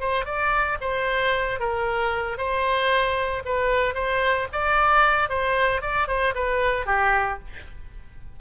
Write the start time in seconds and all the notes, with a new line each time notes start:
0.00 C5
0.25 D5
0.81 C5
1.60 A#4
2.38 C5
3.45 B4
3.94 C5
4.52 D5
5.29 C5
5.81 D5
6.08 C5
6.35 B4
6.86 G4